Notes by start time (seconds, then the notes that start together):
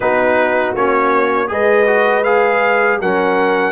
0.00 B3 D#4 F#4 B4
0.75 A#3 C#4 C#5
1.47 G#3 G#4 B4 D#5
1.86 F#4
2.23 G#4 F5
3.00 F#3 C#4 A#4 F#5